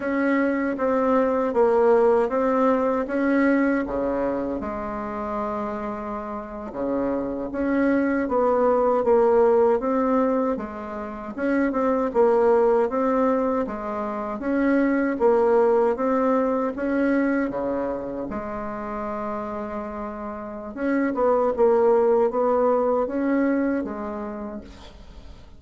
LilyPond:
\new Staff \with { instrumentName = "bassoon" } { \time 4/4 \tempo 4 = 78 cis'4 c'4 ais4 c'4 | cis'4 cis4 gis2~ | gis8. cis4 cis'4 b4 ais16~ | ais8. c'4 gis4 cis'8 c'8 ais16~ |
ais8. c'4 gis4 cis'4 ais16~ | ais8. c'4 cis'4 cis4 gis16~ | gis2. cis'8 b8 | ais4 b4 cis'4 gis4 | }